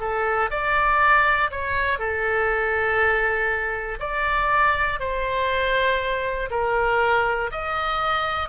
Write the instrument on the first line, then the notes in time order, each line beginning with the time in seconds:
oboe
0.00 A4
0.50 D5
1.50 C#5
1.99 A4
4.00 D5
5.00 C5
6.50 A#4
7.51 D#5